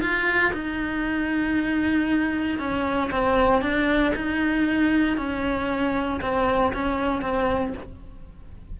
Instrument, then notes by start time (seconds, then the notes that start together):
cello
0.00 F4
0.53 D#4
2.59 C#4
3.11 C4
3.61 D4
4.15 D#4
5.17 C#4
6.21 C4
6.73 C#4
7.22 C4